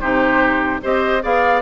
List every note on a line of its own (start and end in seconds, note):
0.00 0.81 C3
0.00 0.81 D#4
0.00 0.81 G4
0.00 0.80 C5
0.82 1.23 C4
0.82 1.21 G4
0.82 1.23 C5
0.82 1.24 D#5
1.21 1.61 B3
1.21 1.61 G#4
1.21 1.61 D5
1.21 1.61 F5